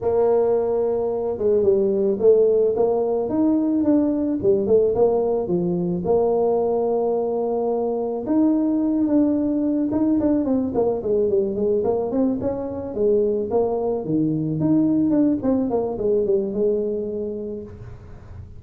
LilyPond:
\new Staff \with { instrumentName = "tuba" } { \time 4/4 \tempo 4 = 109 ais2~ ais8 gis8 g4 | a4 ais4 dis'4 d'4 | g8 a8 ais4 f4 ais4~ | ais2. dis'4~ |
dis'8 d'4. dis'8 d'8 c'8 ais8 | gis8 g8 gis8 ais8 c'8 cis'4 gis8~ | gis8 ais4 dis4 dis'4 d'8 | c'8 ais8 gis8 g8 gis2 | }